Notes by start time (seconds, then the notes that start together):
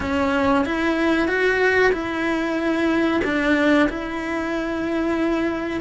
0.00 C#4
0.65 E4
1.27 F#4
1.92 E4
3.24 D4
3.89 E4